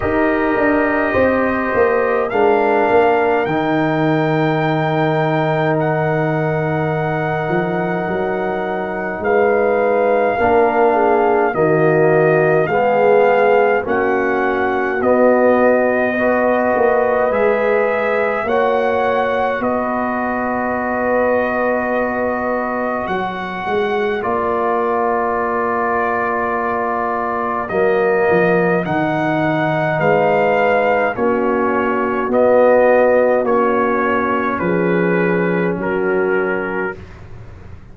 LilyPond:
<<
  \new Staff \with { instrumentName = "trumpet" } { \time 4/4 \tempo 4 = 52 dis''2 f''4 g''4~ | g''4 fis''2. | f''2 dis''4 f''4 | fis''4 dis''2 e''4 |
fis''4 dis''2. | fis''4 d''2. | dis''4 fis''4 f''4 cis''4 | dis''4 cis''4 b'4 ais'4 | }
  \new Staff \with { instrumentName = "horn" } { \time 4/4 ais'4 c''4 ais'2~ | ais'1 | b'4 ais'8 gis'8 fis'4 gis'4 | fis'2 b'2 |
cis''4 b'2. | ais'1~ | ais'2 b'4 fis'4~ | fis'2 gis'4 fis'4 | }
  \new Staff \with { instrumentName = "trombone" } { \time 4/4 g'2 d'4 dis'4~ | dis'1~ | dis'4 d'4 ais4 b4 | cis'4 b4 fis'4 gis'4 |
fis'1~ | fis'4 f'2. | ais4 dis'2 cis'4 | b4 cis'2. | }
  \new Staff \with { instrumentName = "tuba" } { \time 4/4 dis'8 d'8 c'8 ais8 gis8 ais8 dis4~ | dis2~ dis8 f8 fis4 | gis4 ais4 dis4 gis4 | ais4 b4. ais8 gis4 |
ais4 b2. | fis8 gis8 ais2. | fis8 f8 dis4 gis4 ais4 | b4 ais4 f4 fis4 | }
>>